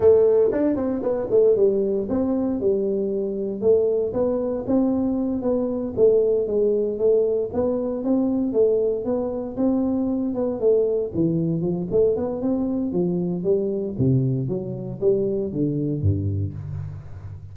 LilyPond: \new Staff \with { instrumentName = "tuba" } { \time 4/4 \tempo 4 = 116 a4 d'8 c'8 b8 a8 g4 | c'4 g2 a4 | b4 c'4. b4 a8~ | a8 gis4 a4 b4 c'8~ |
c'8 a4 b4 c'4. | b8 a4 e4 f8 a8 b8 | c'4 f4 g4 c4 | fis4 g4 d4 g,4 | }